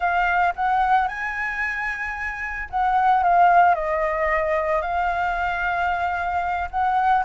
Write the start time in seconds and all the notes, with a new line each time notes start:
0.00 F5
0.55 F#5
1.08 G#5
2.69 F#5
3.23 F5
3.75 D#5
4.81 F5
6.70 F#5